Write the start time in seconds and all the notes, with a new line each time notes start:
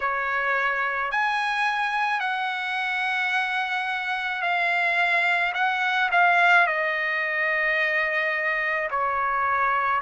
0.00 C#5
1.11 G#5
2.20 F#5
4.41 F5
5.54 F#5
6.11 F5
6.67 D#5
8.90 C#5